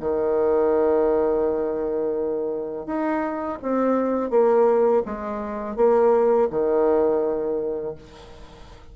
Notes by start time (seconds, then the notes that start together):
0.00 D#3
2.87 D#4
3.62 C4
4.30 A#3
5.06 G#3
5.76 A#3
6.50 D#3